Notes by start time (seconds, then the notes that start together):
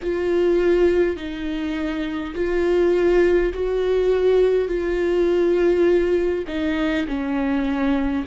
0.02 F4
1.16 D#4
2.35 F4
3.53 F#4
4.67 F4
6.47 D#4
7.07 C#4